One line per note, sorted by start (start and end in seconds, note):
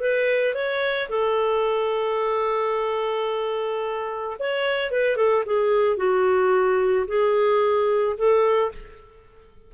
0.00 0.54 B4
0.54 1.09 C#5
1.10 4.37 A4
4.40 4.91 C#5
4.91 5.17 B4
5.17 5.44 A4
5.46 5.97 G#4
5.97 7.06 F#4
7.07 8.16 G#4
8.17 8.72 A4